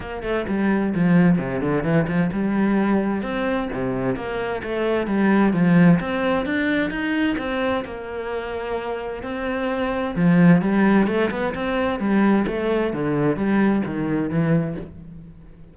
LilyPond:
\new Staff \with { instrumentName = "cello" } { \time 4/4 \tempo 4 = 130 ais8 a8 g4 f4 c8 d8 | e8 f8 g2 c'4 | c4 ais4 a4 g4 | f4 c'4 d'4 dis'4 |
c'4 ais2. | c'2 f4 g4 | a8 b8 c'4 g4 a4 | d4 g4 dis4 e4 | }